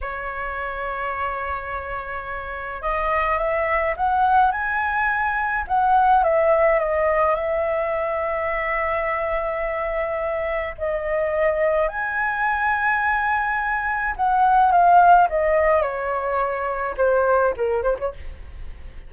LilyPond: \new Staff \with { instrumentName = "flute" } { \time 4/4 \tempo 4 = 106 cis''1~ | cis''4 dis''4 e''4 fis''4 | gis''2 fis''4 e''4 | dis''4 e''2.~ |
e''2. dis''4~ | dis''4 gis''2.~ | gis''4 fis''4 f''4 dis''4 | cis''2 c''4 ais'8 c''16 cis''16 | }